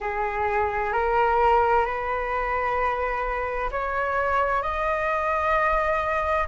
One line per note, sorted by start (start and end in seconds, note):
0.00 0.92 G#4
0.92 1.85 A#4
1.85 3.69 B4
3.71 4.62 C#5
4.62 6.47 D#5